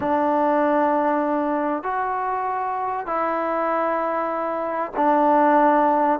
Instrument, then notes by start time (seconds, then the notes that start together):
trombone
0.00 D4
1.83 F#4
3.06 E4
4.96 D4